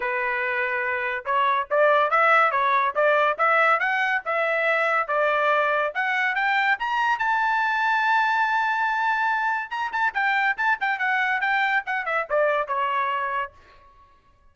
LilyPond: \new Staff \with { instrumentName = "trumpet" } { \time 4/4 \tempo 4 = 142 b'2. cis''4 | d''4 e''4 cis''4 d''4 | e''4 fis''4 e''2 | d''2 fis''4 g''4 |
ais''4 a''2.~ | a''2. ais''8 a''8 | g''4 a''8 g''8 fis''4 g''4 | fis''8 e''8 d''4 cis''2 | }